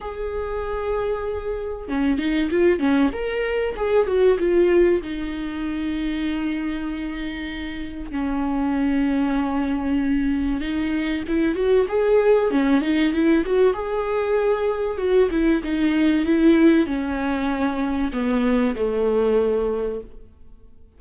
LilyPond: \new Staff \with { instrumentName = "viola" } { \time 4/4 \tempo 4 = 96 gis'2. cis'8 dis'8 | f'8 cis'8 ais'4 gis'8 fis'8 f'4 | dis'1~ | dis'4 cis'2.~ |
cis'4 dis'4 e'8 fis'8 gis'4 | cis'8 dis'8 e'8 fis'8 gis'2 | fis'8 e'8 dis'4 e'4 cis'4~ | cis'4 b4 a2 | }